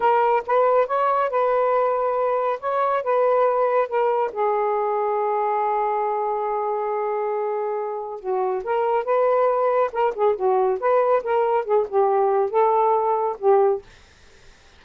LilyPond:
\new Staff \with { instrumentName = "saxophone" } { \time 4/4 \tempo 4 = 139 ais'4 b'4 cis''4 b'4~ | b'2 cis''4 b'4~ | b'4 ais'4 gis'2~ | gis'1~ |
gis'2. fis'4 | ais'4 b'2 ais'8 gis'8 | fis'4 b'4 ais'4 gis'8 g'8~ | g'4 a'2 g'4 | }